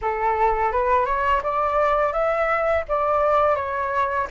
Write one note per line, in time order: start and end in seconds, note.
0.01 0.71 A4
0.71 1.05 B4
1.05 1.41 C#5
1.43 2.12 D5
2.12 2.84 E5
2.88 3.55 D5
3.55 4.27 C#5